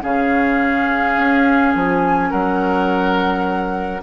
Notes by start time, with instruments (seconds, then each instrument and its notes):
0.00 bassoon C#3, clarinet C#4, oboe G#4, flute F5
1.17 bassoon C#4
1.75 bassoon F3, flute G#5
2.30 bassoon F#3, oboe A#4, flute F#5